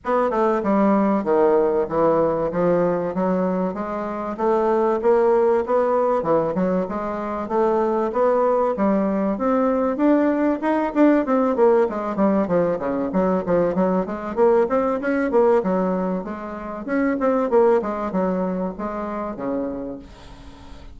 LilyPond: \new Staff \with { instrumentName = "bassoon" } { \time 4/4 \tempo 4 = 96 b8 a8 g4 dis4 e4 | f4 fis4 gis4 a4 | ais4 b4 e8 fis8 gis4 | a4 b4 g4 c'4 |
d'4 dis'8 d'8 c'8 ais8 gis8 g8 | f8 cis8 fis8 f8 fis8 gis8 ais8 c'8 | cis'8 ais8 fis4 gis4 cis'8 c'8 | ais8 gis8 fis4 gis4 cis4 | }